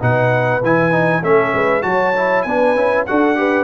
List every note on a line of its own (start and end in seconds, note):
0.00 0.63 B2
0.00 0.61 D#4
0.00 1.23 B4
0.00 0.64 F#5
0.63 1.23 E3
0.63 0.91 E4
0.63 1.24 G#5
0.91 1.22 D#4
1.23 1.53 A3
1.23 1.82 C#4
1.23 1.54 A4
1.23 1.83 E5
1.54 1.84 G#3
1.54 1.85 B4
1.82 2.45 F#3
1.82 2.13 F#4
1.82 2.46 C#5
1.82 2.43 A5
2.17 2.47 E4
2.43 2.76 B3
2.43 2.76 D4
2.43 3.07 B4
2.43 3.04 G#5
2.76 3.06 C#4
2.76 3.07 E4
3.06 3.64 D4
3.06 3.36 F#4
3.06 3.38 A4
3.06 3.64 F#5
3.36 3.64 G4
3.36 3.64 B4